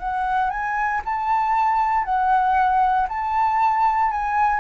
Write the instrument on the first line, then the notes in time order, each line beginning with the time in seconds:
flute
0.00 F#5
0.51 G#5
1.06 A5
2.05 F#5
3.09 A5
4.11 G#5